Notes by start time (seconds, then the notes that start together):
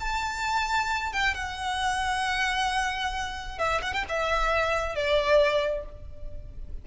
0.00 A5
1.13 G5
1.34 F#5
3.58 E5
3.82 F#5
3.93 G5
4.09 E5
4.95 D5